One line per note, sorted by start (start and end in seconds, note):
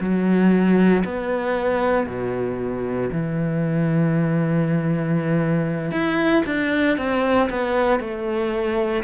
0.00 1.03 F#3
1.04 2.06 B3
2.06 3.10 B2
3.12 5.92 E3
5.92 6.43 E4
6.46 6.97 D4
6.98 7.50 C4
7.50 8.00 B3
8.00 9.03 A3